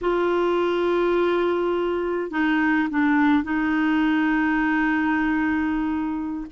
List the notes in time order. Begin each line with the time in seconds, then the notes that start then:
0.01 F4
2.31 D#4
2.90 D4
3.43 D#4